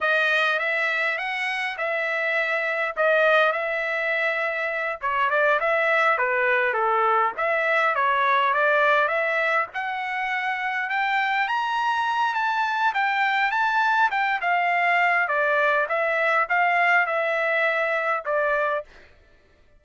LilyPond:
\new Staff \with { instrumentName = "trumpet" } { \time 4/4 \tempo 4 = 102 dis''4 e''4 fis''4 e''4~ | e''4 dis''4 e''2~ | e''8 cis''8 d''8 e''4 b'4 a'8~ | a'8 e''4 cis''4 d''4 e''8~ |
e''8 fis''2 g''4 ais''8~ | ais''4 a''4 g''4 a''4 | g''8 f''4. d''4 e''4 | f''4 e''2 d''4 | }